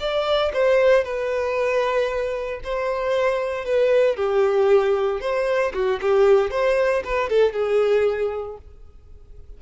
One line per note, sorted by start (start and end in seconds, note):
0.00 0.52 D5
0.54 1.04 C5
1.04 2.61 B4
2.64 3.65 C5
3.65 4.17 B4
4.17 5.21 G4
5.21 5.73 C5
5.74 6.00 F#4
6.02 6.51 G4
6.51 7.03 C5
7.04 7.30 B4
7.30 7.53 A4
7.53 8.58 G#4